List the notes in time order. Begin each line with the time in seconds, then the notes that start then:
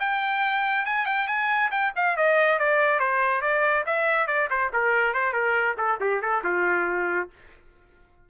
0.00 G5
0.86 G#5
1.06 G5
1.28 G#5
1.71 G5
1.96 F5
2.17 D#5
2.59 D5
3.00 C5
3.41 D5
3.86 E5
4.27 D5
4.50 C5
4.73 A#4
5.14 C5
5.33 A#4
5.78 A4
6.01 G4
6.22 A4
6.44 F4